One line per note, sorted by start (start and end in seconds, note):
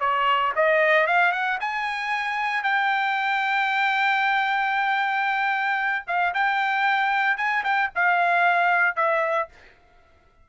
0.00 0.53 C#5
0.56 1.06 D#5
1.06 1.32 F5
1.32 1.58 F#5
1.60 2.63 G#5
2.63 6.05 G5
6.07 6.33 F5
6.34 7.37 G5
7.37 7.63 G#5
7.64 7.90 G5
7.95 8.96 F5
8.96 9.49 E5